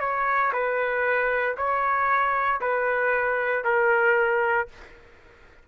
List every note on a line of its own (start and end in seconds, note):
0.00 0.52 C#5
0.53 1.56 B4
1.57 2.60 C#5
2.61 3.64 B4
3.64 4.67 A#4